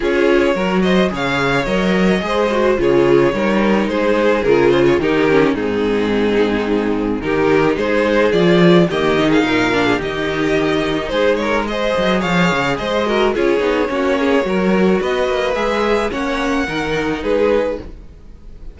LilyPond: <<
  \new Staff \with { instrumentName = "violin" } { \time 4/4 \tempo 4 = 108 cis''4. dis''8 f''4 dis''4~ | dis''4 cis''2 c''4 | ais'8 c''16 cis''16 ais'4 gis'2~ | gis'4 ais'4 c''4 d''4 |
dis''8. f''4~ f''16 dis''2 | c''8 cis''8 dis''4 f''4 dis''4 | cis''2. dis''4 | e''4 fis''2 b'4 | }
  \new Staff \with { instrumentName = "violin" } { \time 4/4 gis'4 ais'8 c''8 cis''2 | c''4 gis'4 ais'4 gis'4~ | gis'4 g'4 dis'2~ | dis'4 g'4 gis'2 |
g'8. gis'16 ais'8. gis'16 g'2 | gis'8 ais'8 c''4 cis''4 c''8 ais'8 | gis'4 fis'8 gis'8 ais'4 b'4~ | b'4 cis''4 ais'4 gis'4 | }
  \new Staff \with { instrumentName = "viola" } { \time 4/4 f'4 fis'4 gis'4 ais'4 | gis'8 fis'8 f'4 dis'2 | f'4 dis'8 cis'8 c'2~ | c'4 dis'2 f'4 |
ais8 dis'4 d'8 dis'2~ | dis'4 gis'2~ gis'8 fis'8 | f'8 dis'8 cis'4 fis'2 | gis'4 cis'4 dis'2 | }
  \new Staff \with { instrumentName = "cello" } { \time 4/4 cis'4 fis4 cis4 fis4 | gis4 cis4 g4 gis4 | cis4 dis4 gis,2~ | gis,4 dis4 gis4 f4 |
dis4 ais,4 dis2 | gis4. fis8 f8 cis8 gis4 | cis'8 b8 ais4 fis4 b8 ais8 | gis4 ais4 dis4 gis4 | }
>>